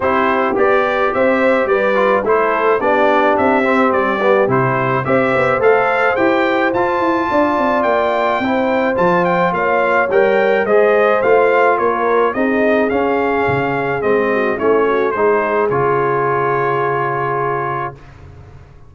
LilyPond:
<<
  \new Staff \with { instrumentName = "trumpet" } { \time 4/4 \tempo 4 = 107 c''4 d''4 e''4 d''4 | c''4 d''4 e''4 d''4 | c''4 e''4 f''4 g''4 | a''2 g''2 |
a''8 g''8 f''4 g''4 dis''4 | f''4 cis''4 dis''4 f''4~ | f''4 dis''4 cis''4 c''4 | cis''1 | }
  \new Staff \with { instrumentName = "horn" } { \time 4/4 g'2 c''4 b'4 | a'4 g'2.~ | g'4 c''2.~ | c''4 d''2 c''4~ |
c''4 cis''2 c''4~ | c''4 ais'4 gis'2~ | gis'4. fis'8 e'8 fis'8 gis'4~ | gis'1 | }
  \new Staff \with { instrumentName = "trombone" } { \time 4/4 e'4 g'2~ g'8 f'8 | e'4 d'4. c'4 b8 | e'4 g'4 a'4 g'4 | f'2. e'4 |
f'2 ais'4 gis'4 | f'2 dis'4 cis'4~ | cis'4 c'4 cis'4 dis'4 | f'1 | }
  \new Staff \with { instrumentName = "tuba" } { \time 4/4 c'4 b4 c'4 g4 | a4 b4 c'4 g4 | c4 c'8 b8 a4 e'4 | f'8 e'8 d'8 c'8 ais4 c'4 |
f4 ais4 g4 gis4 | a4 ais4 c'4 cis'4 | cis4 gis4 a4 gis4 | cis1 | }
>>